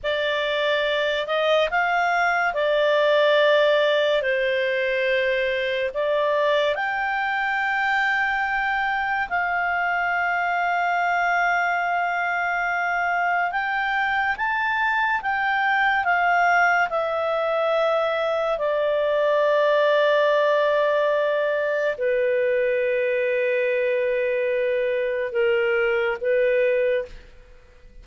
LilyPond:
\new Staff \with { instrumentName = "clarinet" } { \time 4/4 \tempo 4 = 71 d''4. dis''8 f''4 d''4~ | d''4 c''2 d''4 | g''2. f''4~ | f''1 |
g''4 a''4 g''4 f''4 | e''2 d''2~ | d''2 b'2~ | b'2 ais'4 b'4 | }